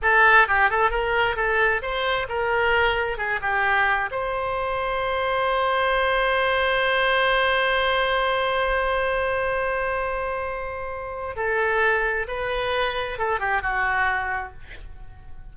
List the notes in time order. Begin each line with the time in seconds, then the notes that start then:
0.02 A4
0.47 G4
0.70 A4
0.90 A#4
1.36 A4
1.82 C5
2.29 A#4
3.17 G#4
3.41 G4
4.11 C5
11.36 A4
12.27 B4
13.18 A4
13.39 G4
13.62 F#4